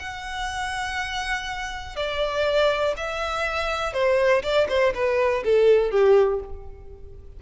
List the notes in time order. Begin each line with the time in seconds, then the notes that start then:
0.00 F#5
1.96 D5
2.97 E5
3.94 C5
4.43 D5
4.69 C5
4.95 B4
5.45 A4
5.91 G4